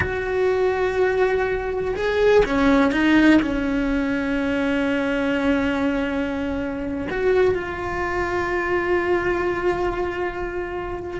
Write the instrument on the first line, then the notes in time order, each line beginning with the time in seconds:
cello
0.00 F#4
1.95 G#4
2.45 C#4
2.91 D#4
3.41 C#4
7.10 F#4
7.54 F4